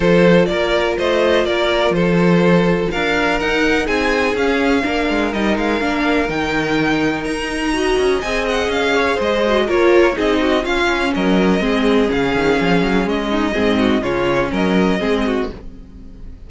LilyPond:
<<
  \new Staff \with { instrumentName = "violin" } { \time 4/4 \tempo 4 = 124 c''4 d''4 dis''4 d''4 | c''2 f''4 fis''4 | gis''4 f''2 dis''8 f''8~ | f''4 g''2 ais''4~ |
ais''4 gis''8 fis''8 f''4 dis''4 | cis''4 dis''4 f''4 dis''4~ | dis''4 f''2 dis''4~ | dis''4 cis''4 dis''2 | }
  \new Staff \with { instrumentName = "violin" } { \time 4/4 a'4 ais'4 c''4 ais'4 | a'2 ais'2 | gis'2 ais'2~ | ais'1 |
dis''2~ dis''8 cis''8 c''4 | ais'4 gis'8 fis'8 f'4 ais'4 | gis'2.~ gis'8 dis'8 | gis'8 fis'8 f'4 ais'4 gis'8 fis'8 | }
  \new Staff \with { instrumentName = "viola" } { \time 4/4 f'1~ | f'2. dis'4~ | dis'4 cis'4 d'4 dis'4 | d'4 dis'2. |
fis'4 gis'2~ gis'8 fis'8 | f'4 dis'4 cis'2 | c'4 cis'2. | c'4 cis'2 c'4 | }
  \new Staff \with { instrumentName = "cello" } { \time 4/4 f4 ais4 a4 ais4 | f2 d'4 dis'4 | c'4 cis'4 ais8 gis8 g8 gis8 | ais4 dis2 dis'4~ |
dis'8 cis'8 c'4 cis'4 gis4 | ais4 c'4 cis'4 fis4 | gis4 cis8 dis8 f8 fis8 gis4 | gis,4 cis4 fis4 gis4 | }
>>